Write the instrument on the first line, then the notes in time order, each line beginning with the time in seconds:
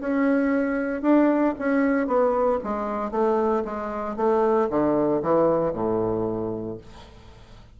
bassoon
0.00 C#4
1.02 D4
1.59 C#4
2.07 B3
2.63 G#3
3.11 A3
3.65 G#3
4.16 A3
4.70 D3
5.22 E3
5.73 A2